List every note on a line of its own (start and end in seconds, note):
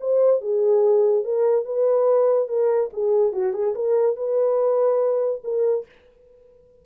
0.00 0.41 C5
0.41 1.24 G#4
1.24 1.65 A#4
1.65 2.48 B4
2.48 2.90 A#4
2.93 3.33 G#4
3.33 3.53 F#4
3.53 3.74 G#4
3.75 4.16 A#4
4.16 5.41 B4
5.44 5.85 A#4